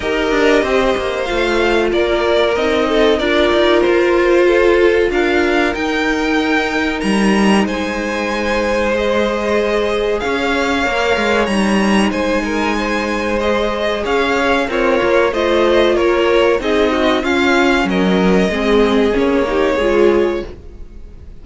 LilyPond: <<
  \new Staff \with { instrumentName = "violin" } { \time 4/4 \tempo 4 = 94 dis''2 f''4 d''4 | dis''4 d''4 c''2 | f''4 g''2 ais''4 | gis''2 dis''2 |
f''2 ais''4 gis''4~ | gis''4 dis''4 f''4 cis''4 | dis''4 cis''4 dis''4 f''4 | dis''2 cis''2 | }
  \new Staff \with { instrumentName = "violin" } { \time 4/4 ais'4 c''2 ais'4~ | ais'8 a'8 ais'2 a'4 | ais'1 | c''1 |
cis''2. c''8 ais'8 | c''2 cis''4 f'4 | c''4 ais'4 gis'8 fis'8 f'4 | ais'4 gis'4. g'8 gis'4 | }
  \new Staff \with { instrumentName = "viola" } { \time 4/4 g'2 f'2 | dis'4 f'2.~ | f'4 dis'2.~ | dis'2 gis'2~ |
gis'4 ais'4 dis'2~ | dis'4 gis'2 ais'4 | f'2 dis'4 cis'4~ | cis'4 c'4 cis'8 dis'8 f'4 | }
  \new Staff \with { instrumentName = "cello" } { \time 4/4 dis'8 d'8 c'8 ais8 a4 ais4 | c'4 d'8 dis'8 f'2 | d'4 dis'2 g4 | gis1 |
cis'4 ais8 gis8 g4 gis4~ | gis2 cis'4 c'8 ais8 | a4 ais4 c'4 cis'4 | fis4 gis4 ais4 gis4 | }
>>